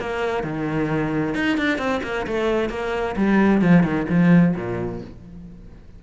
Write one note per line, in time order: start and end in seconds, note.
0.00 0.43 A#3
0.43 1.34 D#3
1.34 1.57 D#4
1.57 1.78 D4
1.78 2.01 C4
2.03 2.26 A#3
2.26 2.69 A3
2.69 3.15 A#3
3.16 3.61 G3
3.61 3.83 F3
3.83 4.06 D#3
4.09 4.55 F3
4.55 5.01 A#2